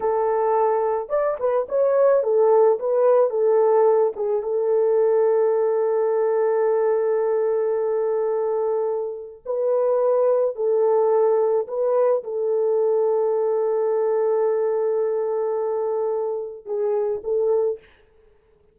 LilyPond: \new Staff \with { instrumentName = "horn" } { \time 4/4 \tempo 4 = 108 a'2 d''8 b'8 cis''4 | a'4 b'4 a'4. gis'8 | a'1~ | a'1~ |
a'4 b'2 a'4~ | a'4 b'4 a'2~ | a'1~ | a'2 gis'4 a'4 | }